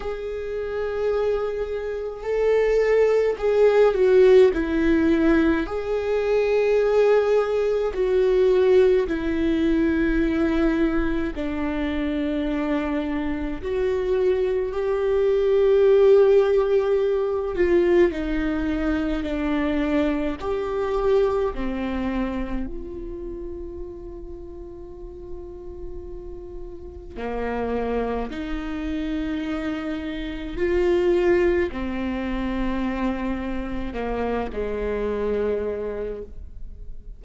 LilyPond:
\new Staff \with { instrumentName = "viola" } { \time 4/4 \tempo 4 = 53 gis'2 a'4 gis'8 fis'8 | e'4 gis'2 fis'4 | e'2 d'2 | fis'4 g'2~ g'8 f'8 |
dis'4 d'4 g'4 c'4 | f'1 | ais4 dis'2 f'4 | c'2 ais8 gis4. | }